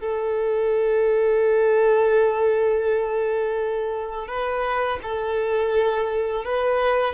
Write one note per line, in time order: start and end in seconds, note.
0.00 4.27 A4
4.27 4.99 B4
5.02 6.44 A4
6.44 7.13 B4